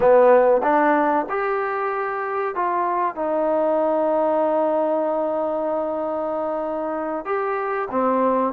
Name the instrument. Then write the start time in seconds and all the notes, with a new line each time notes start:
trombone
0.00 B3
0.62 D4
1.29 G4
2.55 F4
3.15 D#4
7.25 G4
7.90 C4